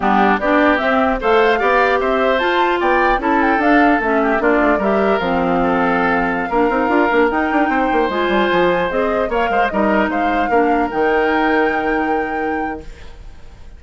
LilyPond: <<
  \new Staff \with { instrumentName = "flute" } { \time 4/4 \tempo 4 = 150 g'4 d''4 e''4 f''4~ | f''4 e''4 a''4 g''4 | a''8 g''8 f''4 e''4 d''4 | e''4 f''2.~ |
f''2~ f''16 g''4.~ g''16~ | g''16 gis''2 dis''4 f''8.~ | f''16 dis''4 f''2 g''8.~ | g''1 | }
  \new Staff \with { instrumentName = "oboe" } { \time 4/4 d'4 g'2 c''4 | d''4 c''2 d''4 | a'2~ a'8 g'8 f'4 | ais'2 a'2~ |
a'16 ais'2. c''8.~ | c''2.~ c''16 cis''8 c''16~ | c''16 ais'4 c''4 ais'4.~ ais'16~ | ais'1 | }
  \new Staff \with { instrumentName = "clarinet" } { \time 4/4 b4 d'4 c'4 a'4 | g'2 f'2 | e'4 d'4 cis'4 d'4 | g'4 c'2.~ |
c'16 d'8 dis'8 f'8 d'8 dis'4.~ dis'16~ | dis'16 f'2 gis'4 ais'8.~ | ais'16 dis'2 d'4 dis'8.~ | dis'1 | }
  \new Staff \with { instrumentName = "bassoon" } { \time 4/4 g4 b4 c'4 a4 | b4 c'4 f'4 b4 | cis'4 d'4 a4 ais8 a8 | g4 f2.~ |
f16 ais8 c'8 d'8 ais8 dis'8 d'8 c'8 ais16~ | ais16 gis8 g8 f4 c'4 ais8 gis16~ | gis16 g4 gis4 ais4 dis8.~ | dis1 | }
>>